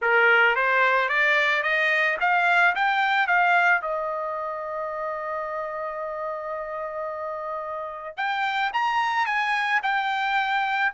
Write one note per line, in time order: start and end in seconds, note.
0.01 0.55 A#4
0.55 1.09 C5
1.09 1.62 D5
1.62 2.17 D#5
2.20 2.74 F5
2.75 3.27 G5
3.27 3.81 F5
3.81 8.16 D#5
8.16 8.71 G5
8.73 9.26 A#5
9.26 9.80 G#5
9.82 10.91 G5